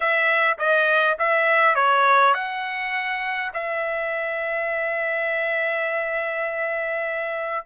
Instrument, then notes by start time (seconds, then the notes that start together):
trumpet
0.00 E5
0.58 D#5
1.18 E5
1.75 C#5
2.34 F#5
3.53 E5